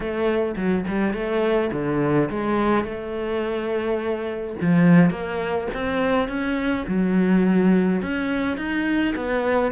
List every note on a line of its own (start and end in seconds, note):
0.00 0.55 A3
0.56 0.84 F#3
0.88 1.13 G3
1.13 1.70 A3
1.72 2.29 D3
2.30 2.84 G#3
2.84 4.55 A3
4.61 5.10 F3
5.10 5.67 A#3
5.74 6.28 C4
6.28 6.85 C#4
6.87 8.02 F#3
8.02 8.57 C#4
8.57 9.14 D#4
9.15 9.71 B3